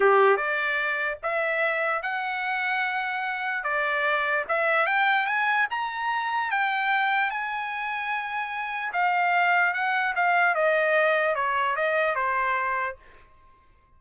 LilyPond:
\new Staff \with { instrumentName = "trumpet" } { \time 4/4 \tempo 4 = 148 g'4 d''2 e''4~ | e''4 fis''2.~ | fis''4 d''2 e''4 | g''4 gis''4 ais''2 |
g''2 gis''2~ | gis''2 f''2 | fis''4 f''4 dis''2 | cis''4 dis''4 c''2 | }